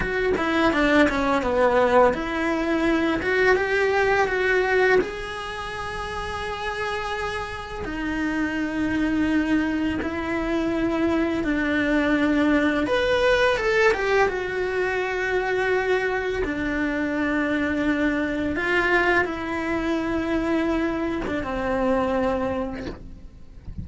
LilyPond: \new Staff \with { instrumentName = "cello" } { \time 4/4 \tempo 4 = 84 fis'8 e'8 d'8 cis'8 b4 e'4~ | e'8 fis'8 g'4 fis'4 gis'4~ | gis'2. dis'4~ | dis'2 e'2 |
d'2 b'4 a'8 g'8 | fis'2. d'4~ | d'2 f'4 e'4~ | e'4.~ e'16 d'16 c'2 | }